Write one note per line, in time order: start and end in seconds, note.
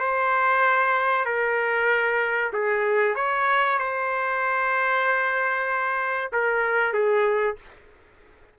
0.00 1.26 C5
1.26 2.52 A#4
2.53 3.16 G#4
3.16 3.79 C#5
3.79 6.32 C5
6.33 6.94 A#4
6.94 7.57 G#4